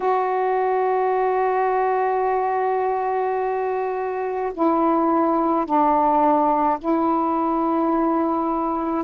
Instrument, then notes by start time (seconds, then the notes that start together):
saxophone
0.00 F#4
4.53 E4
5.65 D4
6.79 E4